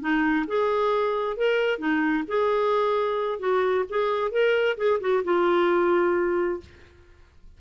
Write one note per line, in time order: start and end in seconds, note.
0.00 0.45 D#4
0.47 1.36 G#4
1.36 1.78 A#4
1.78 2.24 D#4
2.27 3.39 G#4
3.39 3.85 F#4
3.89 4.31 G#4
4.31 4.77 A#4
4.77 5.00 G#4
5.00 5.23 F#4
5.24 6.60 F4